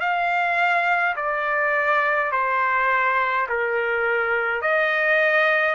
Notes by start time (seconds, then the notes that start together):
0.00 F5
1.16 D5
2.32 C5
3.49 A#4
4.62 D#5